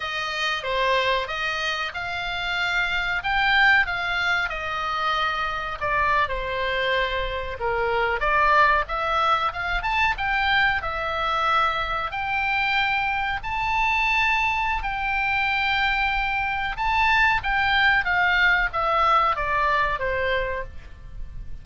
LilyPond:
\new Staff \with { instrumentName = "oboe" } { \time 4/4 \tempo 4 = 93 dis''4 c''4 dis''4 f''4~ | f''4 g''4 f''4 dis''4~ | dis''4 d''8. c''2 ais'16~ | ais'8. d''4 e''4 f''8 a''8 g''16~ |
g''8. e''2 g''4~ g''16~ | g''8. a''2~ a''16 g''4~ | g''2 a''4 g''4 | f''4 e''4 d''4 c''4 | }